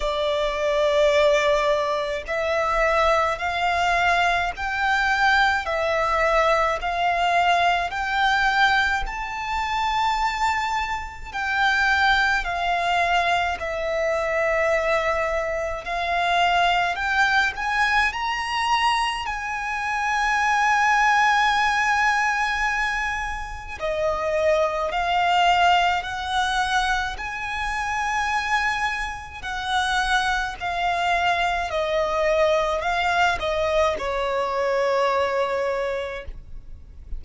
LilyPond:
\new Staff \with { instrumentName = "violin" } { \time 4/4 \tempo 4 = 53 d''2 e''4 f''4 | g''4 e''4 f''4 g''4 | a''2 g''4 f''4 | e''2 f''4 g''8 gis''8 |
ais''4 gis''2.~ | gis''4 dis''4 f''4 fis''4 | gis''2 fis''4 f''4 | dis''4 f''8 dis''8 cis''2 | }